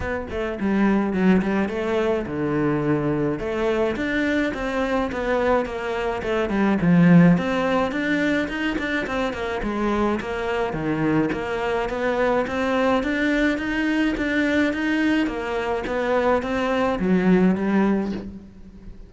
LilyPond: \new Staff \with { instrumentName = "cello" } { \time 4/4 \tempo 4 = 106 b8 a8 g4 fis8 g8 a4 | d2 a4 d'4 | c'4 b4 ais4 a8 g8 | f4 c'4 d'4 dis'8 d'8 |
c'8 ais8 gis4 ais4 dis4 | ais4 b4 c'4 d'4 | dis'4 d'4 dis'4 ais4 | b4 c'4 fis4 g4 | }